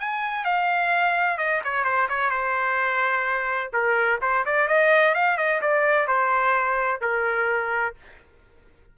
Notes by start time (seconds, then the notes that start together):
0.00 G#5
0.45 F5
1.38 D#5
1.64 C#5
1.85 C5
2.09 C#5
2.31 C5
3.73 A#4
4.22 C5
4.45 D5
4.68 D#5
5.15 F5
5.38 D#5
5.61 D5
6.07 C5
7.01 A#4